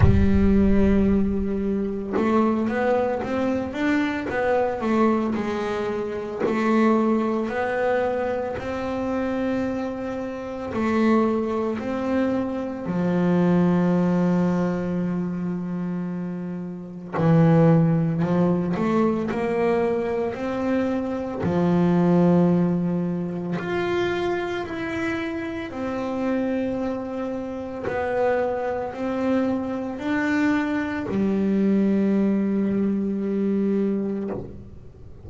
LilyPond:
\new Staff \with { instrumentName = "double bass" } { \time 4/4 \tempo 4 = 56 g2 a8 b8 c'8 d'8 | b8 a8 gis4 a4 b4 | c'2 a4 c'4 | f1 |
e4 f8 a8 ais4 c'4 | f2 f'4 e'4 | c'2 b4 c'4 | d'4 g2. | }